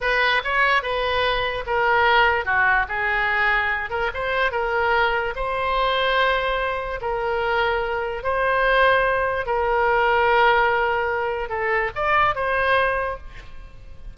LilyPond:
\new Staff \with { instrumentName = "oboe" } { \time 4/4 \tempo 4 = 146 b'4 cis''4 b'2 | ais'2 fis'4 gis'4~ | gis'4. ais'8 c''4 ais'4~ | ais'4 c''2.~ |
c''4 ais'2. | c''2. ais'4~ | ais'1 | a'4 d''4 c''2 | }